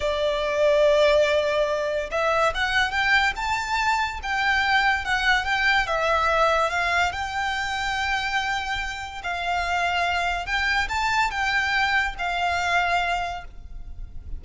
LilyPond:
\new Staff \with { instrumentName = "violin" } { \time 4/4 \tempo 4 = 143 d''1~ | d''4 e''4 fis''4 g''4 | a''2 g''2 | fis''4 g''4 e''2 |
f''4 g''2.~ | g''2 f''2~ | f''4 g''4 a''4 g''4~ | g''4 f''2. | }